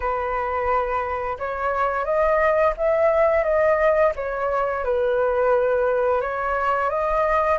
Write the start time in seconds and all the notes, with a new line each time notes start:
0.00 B4
1.39 C#5
2.04 D#5
2.77 E5
3.43 D#5
4.15 C#5
4.84 B4
6.21 C#5
6.89 D#5